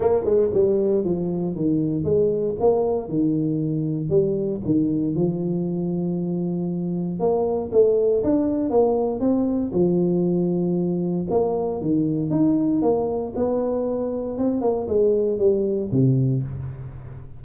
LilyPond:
\new Staff \with { instrumentName = "tuba" } { \time 4/4 \tempo 4 = 117 ais8 gis8 g4 f4 dis4 | gis4 ais4 dis2 | g4 dis4 f2~ | f2 ais4 a4 |
d'4 ais4 c'4 f4~ | f2 ais4 dis4 | dis'4 ais4 b2 | c'8 ais8 gis4 g4 c4 | }